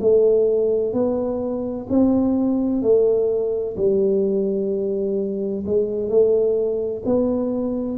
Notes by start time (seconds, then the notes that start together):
0.00 A3
0.92 B3
1.89 C4
2.82 A3
3.76 G3
5.66 G#3
6.09 A3
7.05 B3